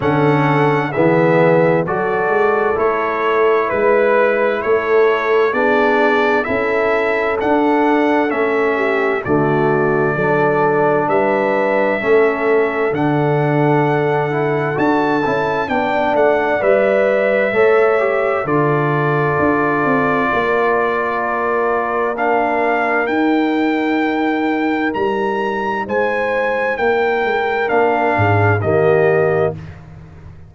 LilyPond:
<<
  \new Staff \with { instrumentName = "trumpet" } { \time 4/4 \tempo 4 = 65 fis''4 e''4 d''4 cis''4 | b'4 cis''4 d''4 e''4 | fis''4 e''4 d''2 | e''2 fis''2 |
a''4 g''8 fis''8 e''2 | d''1 | f''4 g''2 ais''4 | gis''4 g''4 f''4 dis''4 | }
  \new Staff \with { instrumentName = "horn" } { \time 4/4 a'4 gis'4 a'2 | b'4 a'4 gis'4 a'4~ | a'4. g'8 fis'4 a'4 | b'4 a'2.~ |
a'4 d''2 cis''4 | a'2 ais'2~ | ais'1 | c''4 ais'4. gis'8 g'4 | }
  \new Staff \with { instrumentName = "trombone" } { \time 4/4 cis'4 b4 fis'4 e'4~ | e'2 d'4 e'4 | d'4 cis'4 a4 d'4~ | d'4 cis'4 d'4. e'8 |
fis'8 e'8 d'4 b'4 a'8 g'8 | f'1 | d'4 dis'2.~ | dis'2 d'4 ais4 | }
  \new Staff \with { instrumentName = "tuba" } { \time 4/4 d4 e4 fis8 gis8 a4 | gis4 a4 b4 cis'4 | d'4 a4 d4 fis4 | g4 a4 d2 |
d'8 cis'8 b8 a8 g4 a4 | d4 d'8 c'8 ais2~ | ais4 dis'2 g4 | gis4 ais8 gis8 ais8 gis,8 dis4 | }
>>